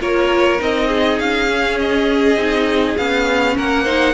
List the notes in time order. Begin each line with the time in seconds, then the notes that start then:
0.00 A#3 F4 A#4 C#5
0.58 C4 D#4 D#5
0.87 G#4
1.19 C#4 F5
1.48 C#4
1.79 D#5
2.36 C4 D#4
2.97 B3 C#4 F5
3.55 A#3 A#4 F#5
3.84 D#4 C5